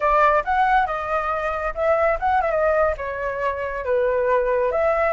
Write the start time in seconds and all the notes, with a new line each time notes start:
0.00 D5
0.44 F#5
0.86 D#5
1.74 E5
2.19 F#5
2.41 E5
2.51 D#5
2.97 C#5
3.84 B4
4.71 E5